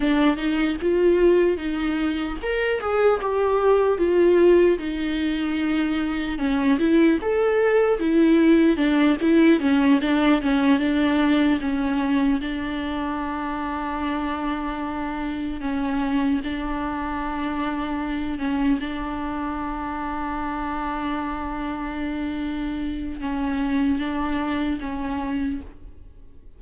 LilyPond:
\new Staff \with { instrumentName = "viola" } { \time 4/4 \tempo 4 = 75 d'8 dis'8 f'4 dis'4 ais'8 gis'8 | g'4 f'4 dis'2 | cis'8 e'8 a'4 e'4 d'8 e'8 | cis'8 d'8 cis'8 d'4 cis'4 d'8~ |
d'2.~ d'8 cis'8~ | cis'8 d'2~ d'8 cis'8 d'8~ | d'1~ | d'4 cis'4 d'4 cis'4 | }